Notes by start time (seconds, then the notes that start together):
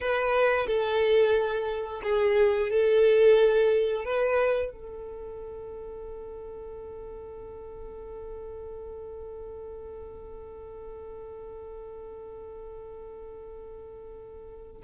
0.00 B4
0.66 A4
2.03 G#4
2.70 A4
4.04 B4
4.71 A4